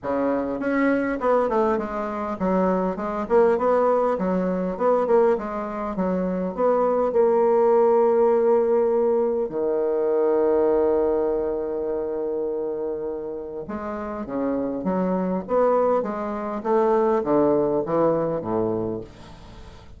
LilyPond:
\new Staff \with { instrumentName = "bassoon" } { \time 4/4 \tempo 4 = 101 cis4 cis'4 b8 a8 gis4 | fis4 gis8 ais8 b4 fis4 | b8 ais8 gis4 fis4 b4 | ais1 |
dis1~ | dis2. gis4 | cis4 fis4 b4 gis4 | a4 d4 e4 a,4 | }